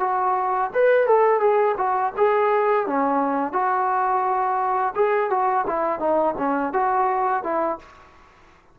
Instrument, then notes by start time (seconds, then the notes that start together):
trombone
0.00 F#4
0.74 B4
1.07 A4
1.41 G#4
1.77 F#4
2.17 G#4
2.87 C#4
3.53 F#4
4.96 G#4
5.30 F#4
5.67 E4
6.00 D#4
6.38 C#4
6.73 F#4
7.43 E4